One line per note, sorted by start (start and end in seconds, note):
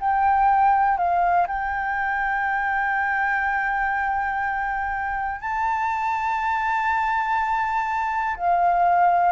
0.00 0.98 G5
0.98 1.47 F5
1.48 5.41 G5
5.41 8.36 A5
8.37 9.32 F5